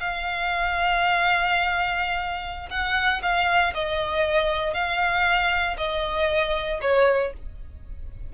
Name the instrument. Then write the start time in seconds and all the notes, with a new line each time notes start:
violin
0.00 F5
2.71 F#5
3.23 F5
3.75 D#5
4.74 F5
5.78 D#5
6.82 C#5